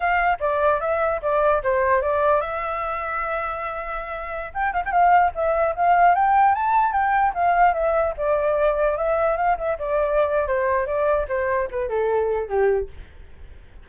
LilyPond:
\new Staff \with { instrumentName = "flute" } { \time 4/4 \tempo 4 = 149 f''4 d''4 e''4 d''4 | c''4 d''4 e''2~ | e''2.~ e''16 g''8 f''16 | g''16 f''4 e''4 f''4 g''8.~ |
g''16 a''4 g''4 f''4 e''8.~ | e''16 d''2 e''4 f''8 e''16~ | e''16 d''4.~ d''16 c''4 d''4 | c''4 b'8 a'4. g'4 | }